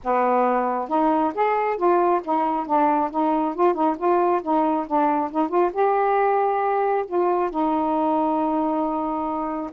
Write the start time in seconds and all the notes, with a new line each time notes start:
0.03 B3
0.88 D#4
1.34 G#4
1.77 F4
2.24 D#4
2.66 D4
3.10 D#4
3.54 F4
3.74 D#4
3.97 F4
4.42 D#4
4.86 D4
5.31 D#4
5.48 F4
5.73 G4
7.07 F4
7.50 D#4